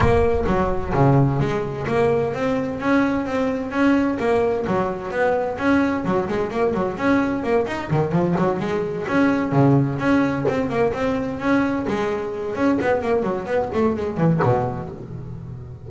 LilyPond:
\new Staff \with { instrumentName = "double bass" } { \time 4/4 \tempo 4 = 129 ais4 fis4 cis4 gis4 | ais4 c'4 cis'4 c'4 | cis'4 ais4 fis4 b4 | cis'4 fis8 gis8 ais8 fis8 cis'4 |
ais8 dis'8 dis8 f8 fis8 gis4 cis'8~ | cis'8 cis4 cis'4 c'8 ais8 c'8~ | c'8 cis'4 gis4. cis'8 b8 | ais8 fis8 b8 a8 gis8 e8 b,4 | }